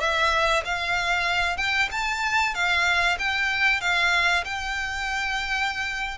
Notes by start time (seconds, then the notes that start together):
0.00 E5
0.65 F5
1.57 G5
1.91 A5
2.54 F5
3.18 G5
3.81 F5
4.44 G5